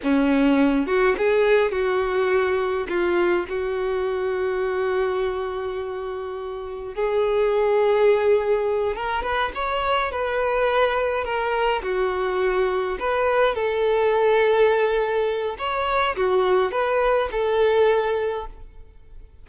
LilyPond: \new Staff \with { instrumentName = "violin" } { \time 4/4 \tempo 4 = 104 cis'4. fis'8 gis'4 fis'4~ | fis'4 f'4 fis'2~ | fis'1 | gis'2.~ gis'8 ais'8 |
b'8 cis''4 b'2 ais'8~ | ais'8 fis'2 b'4 a'8~ | a'2. cis''4 | fis'4 b'4 a'2 | }